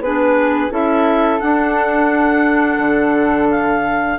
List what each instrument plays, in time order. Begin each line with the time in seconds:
0.00 bassoon B3, clarinet D4 B4, flute G#4
0.70 bassoon C#4, clarinet E4 E5, flute A4
1.40 clarinet D4 F#5, bassoon D4
2.78 bassoon D3
3.50 clarinet F5